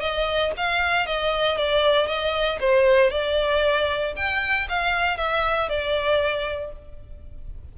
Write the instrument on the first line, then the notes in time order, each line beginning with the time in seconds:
violin
0.00 D#5
0.57 F5
1.06 D#5
1.57 D5
2.07 D#5
2.60 C5
3.11 D5
4.16 G5
4.69 F5
5.17 E5
5.69 D5